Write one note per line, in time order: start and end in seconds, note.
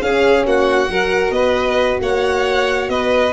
0.00 0.89 C#4
0.00 0.45 C#4
0.00 0.47 G#4
0.00 0.45 F5
0.45 0.89 A#3
0.45 0.91 F#4
0.45 1.31 F#5
0.89 1.30 F#3
0.89 3.33 F#4
0.89 1.33 A#4
1.30 1.96 B3
1.30 2.00 B4
1.30 1.98 D#5
2.00 2.88 A#3
2.00 2.90 C#5
2.00 2.89 F#5
2.88 3.33 B3
2.88 3.33 B4
2.88 3.33 D#5